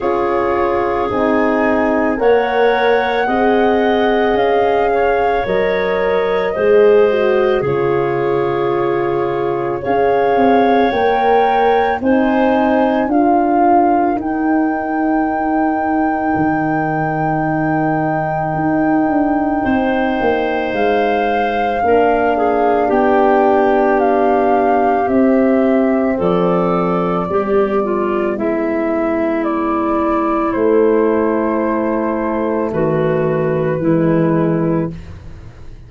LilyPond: <<
  \new Staff \with { instrumentName = "flute" } { \time 4/4 \tempo 4 = 55 cis''4 gis''4 fis''2 | f''4 dis''2 cis''4~ | cis''4 f''4 g''4 gis''4 | f''4 g''2.~ |
g''2. f''4~ | f''4 g''4 f''4 e''4 | d''2 e''4 d''4 | c''2 b'2 | }
  \new Staff \with { instrumentName = "clarinet" } { \time 4/4 gis'2 cis''4 dis''4~ | dis''8 cis''4. c''4 gis'4~ | gis'4 cis''2 c''4 | ais'1~ |
ais'2 c''2 | ais'8 gis'8 g'2. | a'4 g'8 f'8 e'2~ | e'2 fis'4 e'4 | }
  \new Staff \with { instrumentName = "horn" } { \time 4/4 f'4 dis'4 ais'4 gis'4~ | gis'4 ais'4 gis'8 fis'8 f'4~ | f'4 gis'4 ais'4 dis'4 | f'4 dis'2.~ |
dis'1 | d'2. c'4~ | c'4 b2. | a2. gis4 | }
  \new Staff \with { instrumentName = "tuba" } { \time 4/4 cis'4 c'4 ais4 c'4 | cis'4 fis4 gis4 cis4~ | cis4 cis'8 c'8 ais4 c'4 | d'4 dis'2 dis4~ |
dis4 dis'8 d'8 c'8 ais8 gis4 | ais4 b2 c'4 | f4 g4 gis2 | a2 dis4 e4 | }
>>